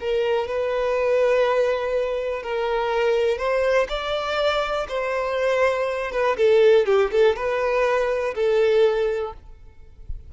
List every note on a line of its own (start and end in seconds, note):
0.00 0.48 A#4
0.48 2.43 B4
2.43 3.38 A#4
3.38 3.87 C5
3.89 4.87 D5
4.88 6.11 C5
6.12 6.36 B4
6.37 6.86 A4
6.86 7.11 G4
7.12 7.36 A4
7.36 8.34 B4
8.35 9.33 A4